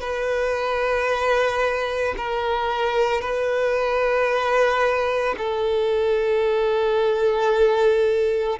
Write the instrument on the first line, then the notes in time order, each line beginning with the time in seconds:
violin
0.00 B4
2.17 A#4
3.21 B4
5.38 A4